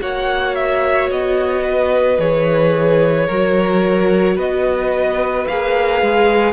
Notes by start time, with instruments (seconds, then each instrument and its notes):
0.00 cello A#3, viola F#4, violin C#5 F#5
0.55 violin E5
1.10 cello B3, violin D#5
1.64 violin B4
2.19 cello E3, viola G#4, violin C#5
3.27 cello F#3, viola F#4, violin A#4
4.36 cello B3, violin B4 D#5
5.48 cello A#3, viola G#4, violin F5
6.02 cello G#3